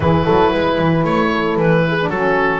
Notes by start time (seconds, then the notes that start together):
0.00 E3 E4 G#4 B4
0.24 F#3 A4
0.50 G#3 B4
0.78 E3
1.04 A3 C#5
1.31 A4
1.55 E3 B4
1.87 G#4
1.99 D4
2.09 F#3 F#4 A4
2.15 C#4